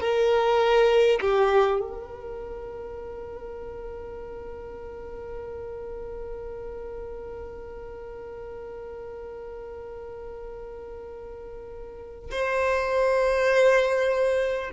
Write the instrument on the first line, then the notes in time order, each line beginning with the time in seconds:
violin
0.00 A#4
1.21 G4
1.80 A#4
12.30 C5